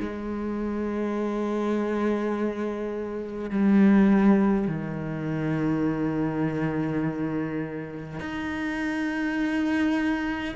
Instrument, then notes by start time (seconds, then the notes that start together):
cello
0.00 G#3
3.51 G3
4.68 D#3
8.20 D#4